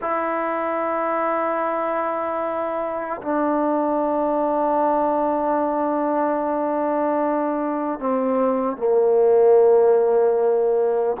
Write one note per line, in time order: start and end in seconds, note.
0.01 3.21 E4
3.22 7.99 D4
7.99 8.76 C4
8.76 11.16 A#3